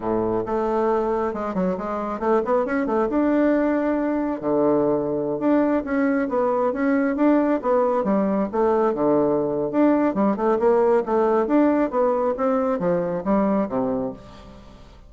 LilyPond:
\new Staff \with { instrumentName = "bassoon" } { \time 4/4 \tempo 4 = 136 a,4 a2 gis8 fis8 | gis4 a8 b8 cis'8 a8 d'4~ | d'2 d2~ | d16 d'4 cis'4 b4 cis'8.~ |
cis'16 d'4 b4 g4 a8.~ | a16 d4.~ d16 d'4 g8 a8 | ais4 a4 d'4 b4 | c'4 f4 g4 c4 | }